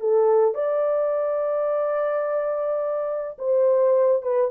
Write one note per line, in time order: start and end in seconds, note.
0.00 0.55 A4
0.55 3.38 D5
3.39 4.23 C5
4.23 4.51 B4